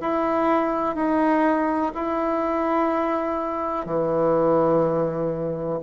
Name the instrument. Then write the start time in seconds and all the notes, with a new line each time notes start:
bassoon
0.00 E4
0.95 D#4
1.94 E4
3.85 E3